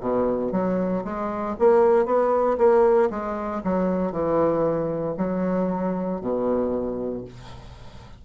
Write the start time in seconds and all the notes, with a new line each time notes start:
0.00 B2
0.52 F#3
1.04 G#3
1.59 A#3
2.05 B3
2.58 A#3
3.10 G#3
3.64 F#3
4.11 E3
5.17 F#3
6.21 B2